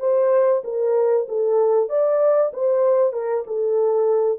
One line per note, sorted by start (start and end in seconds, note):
0.00 0.62 C5
0.64 1.27 A#4
1.29 1.89 A4
1.89 2.52 D5
2.53 3.13 C5
3.13 3.44 A#4
3.47 4.39 A4